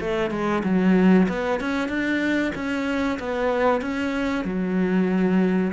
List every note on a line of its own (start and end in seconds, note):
0.00 0.31 A3
0.31 0.63 G#3
0.64 1.27 F#3
1.29 1.60 B3
1.60 1.89 C#4
1.89 2.52 D4
2.55 3.19 C#4
3.19 3.82 B3
3.82 4.44 C#4
4.44 5.72 F#3